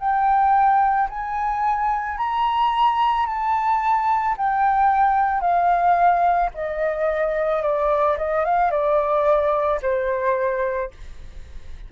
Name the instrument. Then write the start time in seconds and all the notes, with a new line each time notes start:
flute
0.00 G5
1.10 G#5
2.18 A#5
3.27 A5
4.37 G5
5.41 F5
6.55 D#5
7.63 D5
8.18 D#5
8.45 F5
8.71 D5
9.82 C5